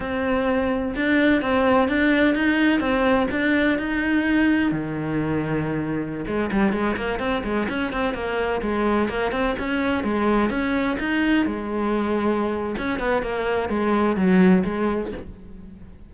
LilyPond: \new Staff \with { instrumentName = "cello" } { \time 4/4 \tempo 4 = 127 c'2 d'4 c'4 | d'4 dis'4 c'4 d'4 | dis'2 dis2~ | dis4~ dis16 gis8 g8 gis8 ais8 c'8 gis16~ |
gis16 cis'8 c'8 ais4 gis4 ais8 c'16~ | c'16 cis'4 gis4 cis'4 dis'8.~ | dis'16 gis2~ gis8. cis'8 b8 | ais4 gis4 fis4 gis4 | }